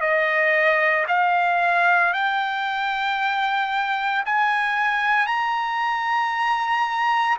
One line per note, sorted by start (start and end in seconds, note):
0.00 1.05 D#5
1.08 2.13 F5
2.13 4.23 G5
4.25 5.26 G#5
5.26 7.37 A#5